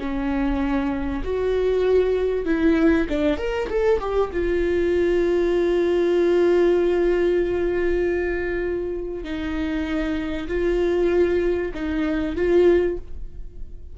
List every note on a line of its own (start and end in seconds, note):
0.00 1.24 C#4
1.24 2.46 F#4
2.46 3.08 E4
3.10 3.38 D4
3.38 3.69 A#4
3.70 4.00 A4
4.00 4.31 G4
4.33 9.24 F4
9.24 10.48 D#4
10.48 11.72 F4
11.75 12.36 D#4
12.36 12.98 F4